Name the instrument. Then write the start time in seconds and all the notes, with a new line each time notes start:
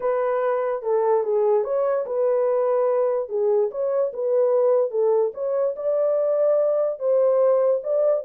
horn
0.00 B4
0.82 A4
1.23 G#4
1.63 C#5
2.06 B4
3.29 G#4
3.71 C#5
4.13 B4
4.90 A4
5.34 C#5
5.76 D5
6.99 C5
7.83 D5